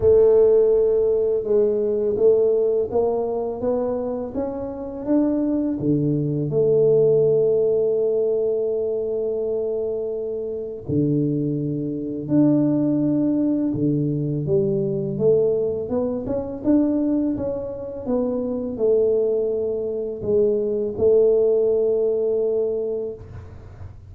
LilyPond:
\new Staff \with { instrumentName = "tuba" } { \time 4/4 \tempo 4 = 83 a2 gis4 a4 | ais4 b4 cis'4 d'4 | d4 a2.~ | a2. d4~ |
d4 d'2 d4 | g4 a4 b8 cis'8 d'4 | cis'4 b4 a2 | gis4 a2. | }